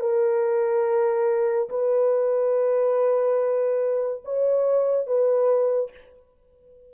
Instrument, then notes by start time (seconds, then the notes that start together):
horn
0.00 A#4
1.69 B4
4.25 C#5
5.06 B4